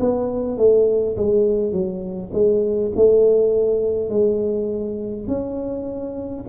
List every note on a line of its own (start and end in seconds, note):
0.00 0.58 B3
0.58 1.17 A3
1.17 1.73 G#3
1.73 2.32 F#3
2.34 2.93 G#3
2.96 4.10 A3
4.10 5.28 G#3
5.28 6.45 C#4